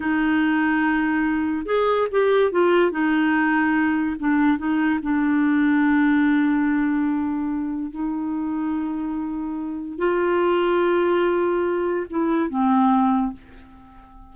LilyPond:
\new Staff \with { instrumentName = "clarinet" } { \time 4/4 \tempo 4 = 144 dis'1 | gis'4 g'4 f'4 dis'4~ | dis'2 d'4 dis'4 | d'1~ |
d'2. dis'4~ | dis'1 | f'1~ | f'4 e'4 c'2 | }